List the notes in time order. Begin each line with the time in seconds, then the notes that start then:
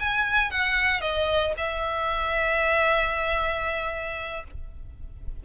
0.00 G#5
0.51 F#5
1.01 D#5
1.57 E5